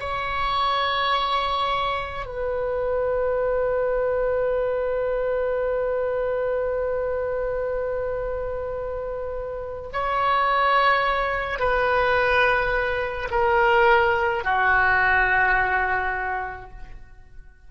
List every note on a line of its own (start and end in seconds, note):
0.00 2.25 C#5
2.25 9.90 B4
9.93 11.59 C#5
11.59 13.29 B4
13.31 14.43 A#4
14.43 16.70 F#4